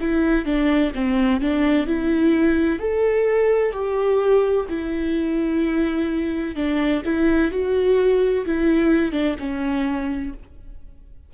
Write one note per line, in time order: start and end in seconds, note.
0.00 0.45 E4
0.45 0.92 D4
0.94 1.40 C4
1.40 1.86 D4
1.86 2.79 E4
2.79 3.72 A4
3.72 4.66 G4
4.68 6.55 E4
6.55 7.02 D4
7.04 7.51 E4
7.51 8.45 F#4
8.45 9.12 E4
9.12 9.35 D4
9.39 10.33 C#4